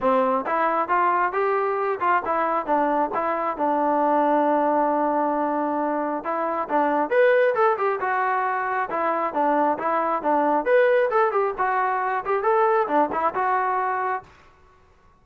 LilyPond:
\new Staff \with { instrumentName = "trombone" } { \time 4/4 \tempo 4 = 135 c'4 e'4 f'4 g'4~ | g'8 f'8 e'4 d'4 e'4 | d'1~ | d'2 e'4 d'4 |
b'4 a'8 g'8 fis'2 | e'4 d'4 e'4 d'4 | b'4 a'8 g'8 fis'4. g'8 | a'4 d'8 e'8 fis'2 | }